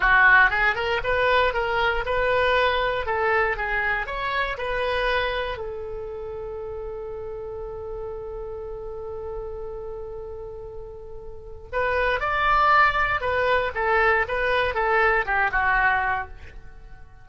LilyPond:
\new Staff \with { instrumentName = "oboe" } { \time 4/4 \tempo 4 = 118 fis'4 gis'8 ais'8 b'4 ais'4 | b'2 a'4 gis'4 | cis''4 b'2 a'4~ | a'1~ |
a'1~ | a'2. b'4 | d''2 b'4 a'4 | b'4 a'4 g'8 fis'4. | }